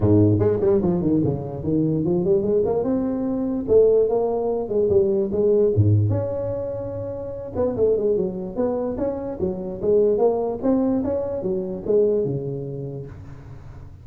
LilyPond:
\new Staff \with { instrumentName = "tuba" } { \time 4/4 \tempo 4 = 147 gis,4 gis8 g8 f8 dis8 cis4 | dis4 f8 g8 gis8 ais8 c'4~ | c'4 a4 ais4. gis8 | g4 gis4 gis,4 cis'4~ |
cis'2~ cis'8 b8 a8 gis8 | fis4 b4 cis'4 fis4 | gis4 ais4 c'4 cis'4 | fis4 gis4 cis2 | }